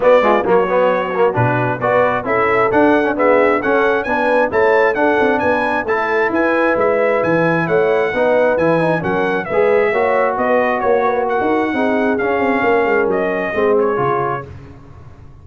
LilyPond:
<<
  \new Staff \with { instrumentName = "trumpet" } { \time 4/4 \tempo 4 = 133 d''4 cis''2 b'4 | d''4 e''4 fis''4 e''4 | fis''4 gis''4 a''4 fis''4 | gis''4 a''4 gis''4 e''4 |
gis''4 fis''2 gis''4 | fis''4 e''2 dis''4 | cis''4 fis''2 f''4~ | f''4 dis''4. cis''4. | }
  \new Staff \with { instrumentName = "horn" } { \time 4/4 fis'8 f'8 fis'2. | b'4 a'2 gis'4 | a'4 b'4 cis''4 a'4 | b'4 a'4 b'2~ |
b'4 cis''4 b'2 | ais'4 b'4 cis''4 b'4 | cis''8 b'8 ais'4 gis'2 | ais'2 gis'2 | }
  \new Staff \with { instrumentName = "trombone" } { \time 4/4 b8 gis8 ais8 b4 ais8 d'4 | fis'4 e'4 d'8. cis'16 b4 | cis'4 d'4 e'4 d'4~ | d'4 e'2.~ |
e'2 dis'4 e'8 dis'8 | cis'4 gis'4 fis'2~ | fis'2 dis'4 cis'4~ | cis'2 c'4 f'4 | }
  \new Staff \with { instrumentName = "tuba" } { \time 4/4 b4 fis2 b,4 | b4 cis'4 d'2 | cis'4 b4 a4 d'8 c'8 | b4 a4 e'4 gis4 |
e4 a4 b4 e4 | fis4 gis4 ais4 b4 | ais4~ ais16 dis'8. c'4 cis'8 c'8 | ais8 gis8 fis4 gis4 cis4 | }
>>